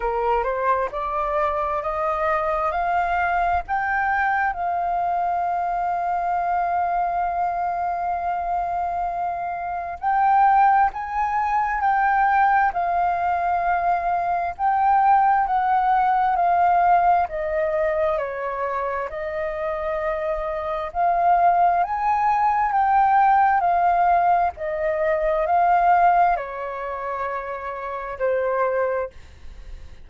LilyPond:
\new Staff \with { instrumentName = "flute" } { \time 4/4 \tempo 4 = 66 ais'8 c''8 d''4 dis''4 f''4 | g''4 f''2.~ | f''2. g''4 | gis''4 g''4 f''2 |
g''4 fis''4 f''4 dis''4 | cis''4 dis''2 f''4 | gis''4 g''4 f''4 dis''4 | f''4 cis''2 c''4 | }